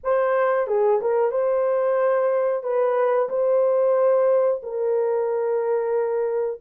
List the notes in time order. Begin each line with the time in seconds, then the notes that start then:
0.03 C5
0.67 G#4
1.01 A#4
1.31 C5
2.63 B4
3.29 C5
4.62 A#4